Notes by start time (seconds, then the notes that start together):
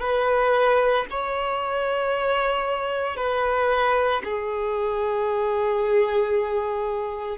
0.00 B4
1.10 C#5
3.16 B4
4.24 G#4